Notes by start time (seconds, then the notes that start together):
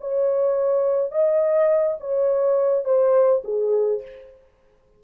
0.00 C#5
1.11 D#5
2.00 C#5
2.85 C5
3.44 G#4